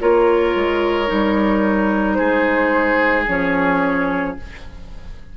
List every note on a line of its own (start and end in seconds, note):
0.00 0.55 A#3
0.00 1.06 F4
0.00 2.17 A#4
0.00 2.14 C#5
0.55 1.09 G#3
1.06 2.19 G3
1.06 3.24 D#4
2.14 3.27 G#3
2.14 4.35 G#4
2.14 3.23 C5
3.27 4.36 F3
3.27 4.37 C#4
3.27 4.37 C#5